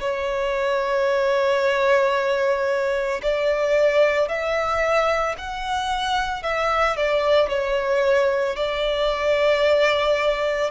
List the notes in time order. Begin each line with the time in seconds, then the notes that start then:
0.00 C#5
3.22 D5
4.28 E5
5.38 F#5
6.43 E5
6.96 D5
7.49 C#5
8.56 D5